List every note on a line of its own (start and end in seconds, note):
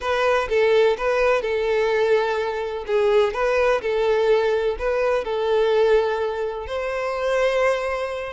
0.00 0.48 B4
0.49 0.96 A4
0.97 1.42 B4
1.42 2.84 A4
2.87 3.33 G#4
3.33 3.81 B4
3.81 4.76 A4
4.79 5.24 B4
5.24 6.67 A4
6.67 8.33 C5